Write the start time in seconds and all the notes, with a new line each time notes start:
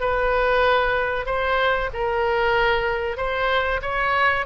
0.00 B4
1.26 C5
1.94 A#4
3.17 C5
3.82 C#5